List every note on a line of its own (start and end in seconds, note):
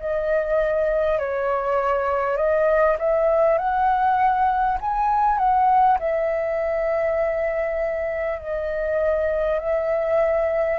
0.00 1.19 D#5
1.19 2.37 C#5
2.37 2.97 D#5
2.99 3.58 E5
3.58 4.78 F#5
4.81 5.38 G#5
5.38 5.98 F#5
5.99 8.39 E5
8.40 9.60 D#5
9.60 10.79 E5